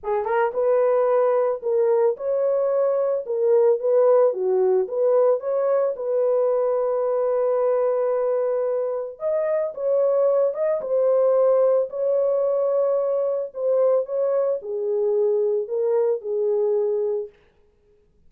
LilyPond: \new Staff \with { instrumentName = "horn" } { \time 4/4 \tempo 4 = 111 gis'8 ais'8 b'2 ais'4 | cis''2 ais'4 b'4 | fis'4 b'4 cis''4 b'4~ | b'1~ |
b'4 dis''4 cis''4. dis''8 | c''2 cis''2~ | cis''4 c''4 cis''4 gis'4~ | gis'4 ais'4 gis'2 | }